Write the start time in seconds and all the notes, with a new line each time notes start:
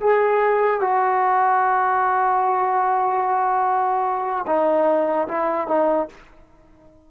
0.00 G#4
0.81 F#4
4.47 D#4
5.28 E4
5.68 D#4